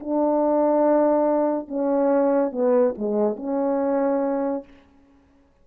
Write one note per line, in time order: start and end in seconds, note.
0.00 1.68 D4
1.68 2.52 C#4
2.52 2.95 B3
2.98 3.36 G#3
3.36 4.64 C#4